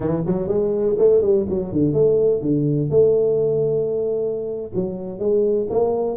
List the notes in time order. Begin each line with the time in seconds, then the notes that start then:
0.00 E3
0.26 F#3
0.48 G#3
0.98 A3
1.21 G3
1.49 F#3
1.72 D3
1.93 A3
2.41 D3
2.90 A3
4.75 F#3
5.19 G#3
5.70 A#3